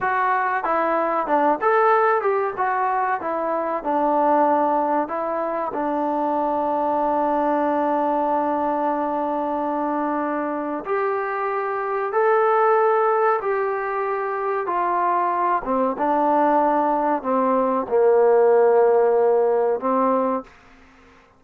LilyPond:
\new Staff \with { instrumentName = "trombone" } { \time 4/4 \tempo 4 = 94 fis'4 e'4 d'8 a'4 g'8 | fis'4 e'4 d'2 | e'4 d'2.~ | d'1~ |
d'4 g'2 a'4~ | a'4 g'2 f'4~ | f'8 c'8 d'2 c'4 | ais2. c'4 | }